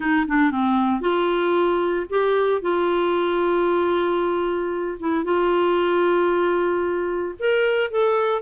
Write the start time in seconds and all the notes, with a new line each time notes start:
0.00 D#4
0.27 D4
0.51 C4
1.00 F4
2.09 G4
2.61 F4
4.99 E4
5.24 F4
7.39 A#4
7.90 A4